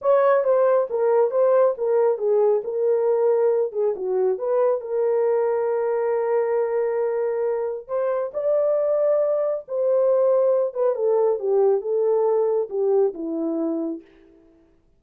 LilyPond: \new Staff \with { instrumentName = "horn" } { \time 4/4 \tempo 4 = 137 cis''4 c''4 ais'4 c''4 | ais'4 gis'4 ais'2~ | ais'8 gis'8 fis'4 b'4 ais'4~ | ais'1~ |
ais'2 c''4 d''4~ | d''2 c''2~ | c''8 b'8 a'4 g'4 a'4~ | a'4 g'4 e'2 | }